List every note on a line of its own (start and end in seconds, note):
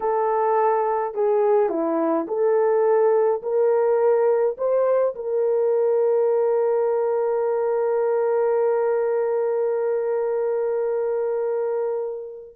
0.00 1.14 A4
1.14 1.69 G#4
1.69 2.26 E4
2.27 3.42 A4
3.42 4.56 A#4
4.57 5.14 C5
5.15 12.56 A#4